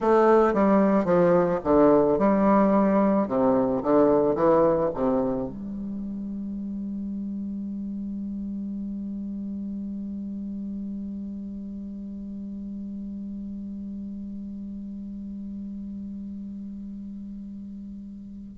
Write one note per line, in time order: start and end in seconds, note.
0.00 0.53 A3
0.53 1.05 G3
1.05 1.59 F3
1.64 2.18 D3
2.18 3.27 G3
3.27 3.82 C3
3.82 4.35 D3
4.35 4.89 E3
4.94 5.48 C3
5.48 18.57 G3